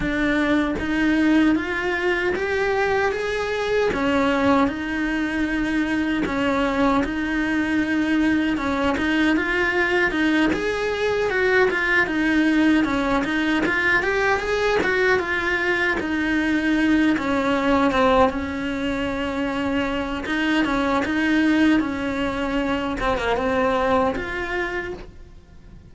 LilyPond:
\new Staff \with { instrumentName = "cello" } { \time 4/4 \tempo 4 = 77 d'4 dis'4 f'4 g'4 | gis'4 cis'4 dis'2 | cis'4 dis'2 cis'8 dis'8 | f'4 dis'8 gis'4 fis'8 f'8 dis'8~ |
dis'8 cis'8 dis'8 f'8 g'8 gis'8 fis'8 f'8~ | f'8 dis'4. cis'4 c'8 cis'8~ | cis'2 dis'8 cis'8 dis'4 | cis'4. c'16 ais16 c'4 f'4 | }